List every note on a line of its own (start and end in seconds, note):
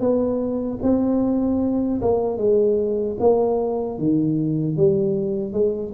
0.00 0.79 B3
0.83 2.01 C4
2.02 2.38 A#3
2.38 3.17 G#3
3.20 3.99 A#3
3.99 4.77 D#3
4.77 5.53 G3
5.53 5.92 G#3